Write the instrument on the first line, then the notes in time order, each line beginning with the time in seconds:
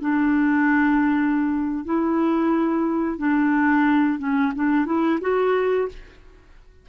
clarinet
0.00 D4
1.85 E4
3.18 D4
4.19 C#4
4.55 D4
4.85 E4
5.21 F#4